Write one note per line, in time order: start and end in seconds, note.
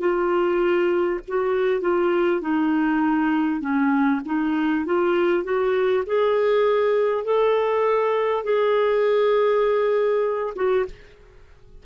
0.00 1.20 F4
1.28 1.81 F#4
1.81 2.41 F4
2.41 3.61 D#4
3.61 4.21 C#4
4.25 4.85 D#4
4.85 5.43 F4
5.43 6.03 F#4
6.06 7.24 G#4
7.24 8.43 A4
8.43 10.53 G#4
10.55 10.85 F#4